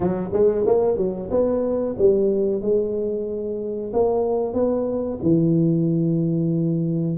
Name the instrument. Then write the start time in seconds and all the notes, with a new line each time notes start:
tuba
0.00 F#3
0.32 G#3
0.66 A#3
0.97 F#3
1.30 B3
1.98 G3
2.61 G#3
3.93 A#3
4.53 B3
5.22 E3